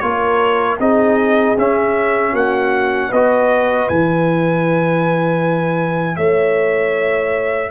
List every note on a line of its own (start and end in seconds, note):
0.00 0.79 A#3
0.00 0.79 F4
0.00 0.80 A#4
0.00 0.77 C#5
0.79 1.56 C4
0.79 1.57 D#4
0.79 2.32 G#4
0.79 1.57 D#5
1.58 2.33 C#4
1.58 3.13 C#4
1.58 2.36 E5
2.32 3.10 A#3
2.32 3.09 F#4
2.32 3.12 F#5
3.09 3.89 B3
3.09 3.91 F#4
3.09 6.17 B4
3.09 3.89 D#5
3.89 6.17 E3
3.89 7.71 E4
3.89 6.16 G#5
6.16 7.71 A3
6.16 7.71 C#5
6.16 7.70 E5